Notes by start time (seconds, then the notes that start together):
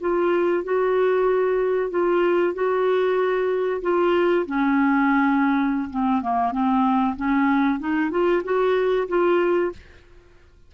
0.00 F4
0.64 F#4
1.90 F4
2.54 F#4
3.82 F4
4.45 C#4
5.90 C4
6.21 A#3
6.52 C4
7.16 C#4
7.79 D#4
8.11 F4
8.44 F#4
9.08 F4